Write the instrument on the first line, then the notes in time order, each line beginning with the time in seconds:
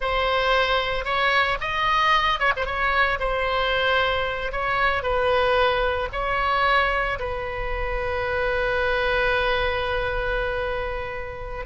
oboe
0.00 C5
1.04 C#5
1.60 D#5
2.39 C#5
2.56 C5
2.65 C#5
3.19 C5
4.52 C#5
5.02 B4
6.12 C#5
7.19 B4